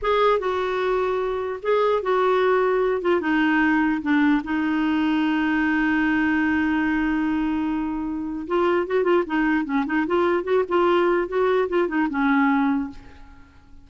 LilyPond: \new Staff \with { instrumentName = "clarinet" } { \time 4/4 \tempo 4 = 149 gis'4 fis'2. | gis'4 fis'2~ fis'8 f'8 | dis'2 d'4 dis'4~ | dis'1~ |
dis'1~ | dis'4 f'4 fis'8 f'8 dis'4 | cis'8 dis'8 f'4 fis'8 f'4. | fis'4 f'8 dis'8 cis'2 | }